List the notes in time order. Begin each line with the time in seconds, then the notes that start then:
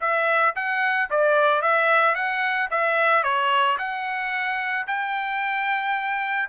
0.00 E5
0.55 F#5
1.10 D5
1.61 E5
2.14 F#5
2.71 E5
3.23 C#5
3.78 F#5
4.86 G5